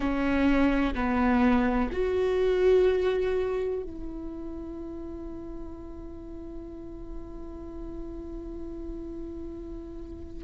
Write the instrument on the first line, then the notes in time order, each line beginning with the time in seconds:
viola
0.00 C#4
0.94 B3
1.92 F#4
3.83 E4